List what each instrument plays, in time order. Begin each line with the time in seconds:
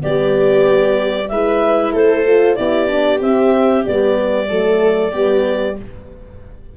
0.00 tuba G3, horn B3, viola G4, clarinet D5
1.29 tuba G#3, horn E4, viola B4, clarinet E5
1.92 tuba A3, viola A4, clarinet C5
2.26 horn F4
2.55 tuba B3, horn E4, viola G4, clarinet D5
2.87 horn D4
3.21 tuba C4, horn C4, clarinet E5
3.84 tuba G3, horn B3, clarinet D5
4.48 tuba F#3, horn A3, viola A4
5.11 tuba G3, horn B3, viola G4